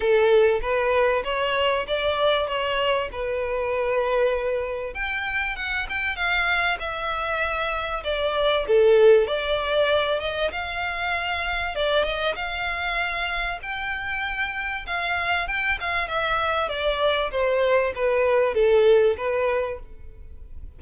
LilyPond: \new Staff \with { instrumentName = "violin" } { \time 4/4 \tempo 4 = 97 a'4 b'4 cis''4 d''4 | cis''4 b'2. | g''4 fis''8 g''8 f''4 e''4~ | e''4 d''4 a'4 d''4~ |
d''8 dis''8 f''2 d''8 dis''8 | f''2 g''2 | f''4 g''8 f''8 e''4 d''4 | c''4 b'4 a'4 b'4 | }